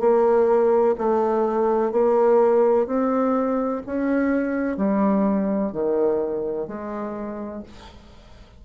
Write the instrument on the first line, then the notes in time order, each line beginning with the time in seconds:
bassoon
0.00 A#3
0.98 A3
1.92 A#3
2.87 C4
3.86 C#4
4.77 G3
5.72 D#3
6.68 G#3